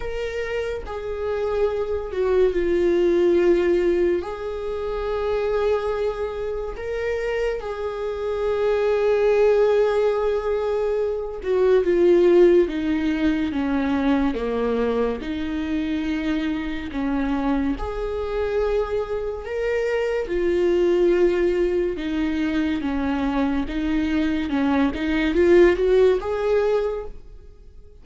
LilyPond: \new Staff \with { instrumentName = "viola" } { \time 4/4 \tempo 4 = 71 ais'4 gis'4. fis'8 f'4~ | f'4 gis'2. | ais'4 gis'2.~ | gis'4. fis'8 f'4 dis'4 |
cis'4 ais4 dis'2 | cis'4 gis'2 ais'4 | f'2 dis'4 cis'4 | dis'4 cis'8 dis'8 f'8 fis'8 gis'4 | }